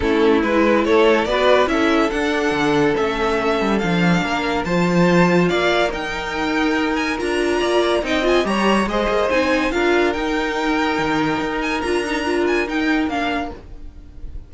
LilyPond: <<
  \new Staff \with { instrumentName = "violin" } { \time 4/4 \tempo 4 = 142 a'4 b'4 cis''4 d''4 | e''4 fis''2 e''4~ | e''4 f''2 a''4~ | a''4 f''4 g''2~ |
g''8 gis''8 ais''2 g''8 gis''8 | ais''4 dis''4 gis''4 f''4 | g''2.~ g''8 gis''8 | ais''4. gis''8 g''4 f''4 | }
  \new Staff \with { instrumentName = "violin" } { \time 4/4 e'2 a'4 b'4 | a'1~ | a'2 ais'4 c''4~ | c''4 d''4 ais'2~ |
ais'2 d''4 dis''4 | cis''4 c''2 ais'4~ | ais'1~ | ais'1 | }
  \new Staff \with { instrumentName = "viola" } { \time 4/4 cis'4 e'2 fis'4 | e'4 d'2 cis'4~ | cis'4 d'2 f'4~ | f'2 dis'2~ |
dis'4 f'2 dis'8 f'8 | g'4 gis'4 dis'4 f'4 | dis'1 | f'8 dis'8 f'4 dis'4 d'4 | }
  \new Staff \with { instrumentName = "cello" } { \time 4/4 a4 gis4 a4 b4 | cis'4 d'4 d4 a4~ | a8 g8 f4 ais4 f4~ | f4 ais4 dis'2~ |
dis'4 d'4 ais4 c'4 | g4 gis8 ais8 c'4 d'4 | dis'2 dis4 dis'4 | d'2 dis'4 ais4 | }
>>